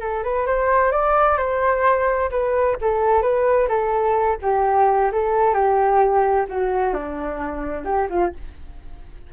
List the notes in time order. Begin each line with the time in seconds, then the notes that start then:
0.00 A4
0.23 B4
0.46 C5
0.91 D5
1.37 C5
2.30 B4
2.81 A4
3.22 B4
3.68 A4
4.42 G4
5.12 A4
5.54 G4
6.49 F#4
6.94 D4
7.85 G4
8.09 F4